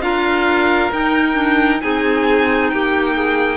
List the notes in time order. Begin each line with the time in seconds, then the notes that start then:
0.00 D4 F4 A#4 F5
0.92 D#4 G5
1.33 D4
1.81 C4 D#4 G#4 G#5
2.69 A#3 G4 G5
3.16 G#4